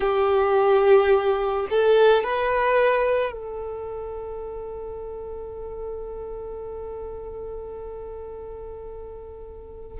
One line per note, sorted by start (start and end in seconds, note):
0.00 1.67 G4
1.70 2.23 A4
2.23 3.32 B4
3.32 9.98 A4